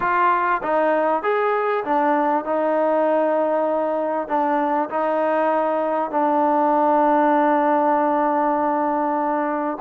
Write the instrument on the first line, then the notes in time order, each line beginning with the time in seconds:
trombone
0.00 F4
0.63 D#4
1.22 G#4
1.84 D4
2.44 D#4
4.28 D4
4.89 D#4
6.10 D4